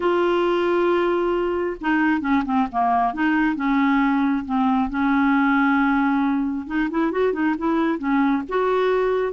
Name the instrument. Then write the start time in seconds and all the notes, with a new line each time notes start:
clarinet
0.00 F4
1.80 D#4
2.20 C#4
2.45 C4
2.71 A#3
3.13 D#4
3.55 C#4
4.45 C4
4.89 C#4
6.67 D#4
6.90 E4
7.11 F#4
7.33 D#4
7.58 E4
7.98 C#4
8.48 F#4